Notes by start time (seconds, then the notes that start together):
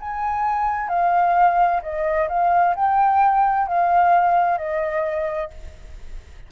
0.00 G#5
0.89 F5
1.82 D#5
2.29 F5
2.76 G5
3.68 F5
4.58 D#5